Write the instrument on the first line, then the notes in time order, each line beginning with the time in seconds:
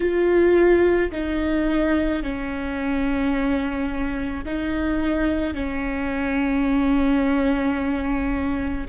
viola
0.00 F4
1.11 D#4
2.22 C#4
4.44 D#4
5.54 C#4